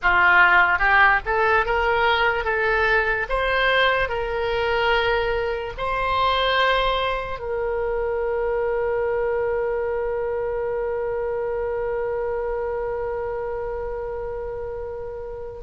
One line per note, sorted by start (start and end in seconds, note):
0.02 0.78 F4
0.78 1.20 G4
1.26 1.65 A4
1.65 2.44 A#4
2.44 3.27 A4
3.29 4.08 C5
4.08 5.73 A#4
5.77 7.39 C5
7.39 15.61 A#4